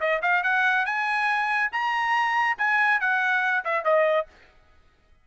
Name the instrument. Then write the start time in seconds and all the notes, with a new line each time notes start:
trumpet
0.00 D#5
0.21 F5
0.43 F#5
0.85 G#5
1.72 A#5
2.58 G#5
3.00 F#5
3.64 E5
3.84 D#5